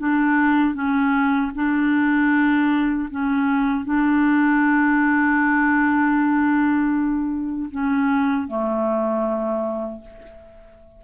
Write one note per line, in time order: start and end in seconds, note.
0.00 0.75 D4
0.75 1.52 C#4
1.55 3.09 D4
3.11 3.85 C#4
3.85 7.70 D4
7.71 8.48 C#4
8.48 10.02 A3